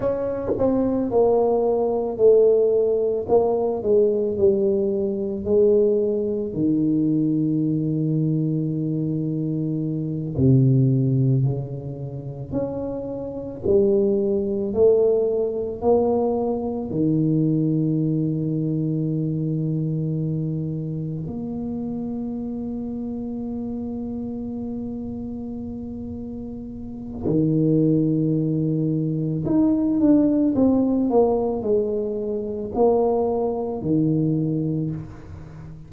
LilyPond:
\new Staff \with { instrumentName = "tuba" } { \time 4/4 \tempo 4 = 55 cis'8 c'8 ais4 a4 ais8 gis8 | g4 gis4 dis2~ | dis4. c4 cis4 cis'8~ | cis'8 g4 a4 ais4 dis8~ |
dis2.~ dis8 ais8~ | ais1~ | ais4 dis2 dis'8 d'8 | c'8 ais8 gis4 ais4 dis4 | }